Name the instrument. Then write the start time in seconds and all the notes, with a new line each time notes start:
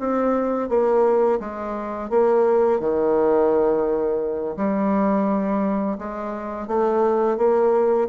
bassoon
0.00 C4
0.69 A#3
1.40 G#3
2.10 A#3
2.80 D#3
4.57 G3
5.99 G#3
6.68 A3
7.38 A#3